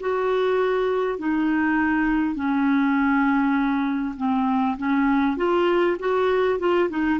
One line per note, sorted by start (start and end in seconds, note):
0.00 1.18 F#4
1.18 2.35 D#4
2.35 4.15 C#4
4.17 4.77 C4
4.78 5.37 C#4
5.37 5.97 F4
5.99 6.59 F#4
6.59 6.89 F4
6.89 7.19 D#4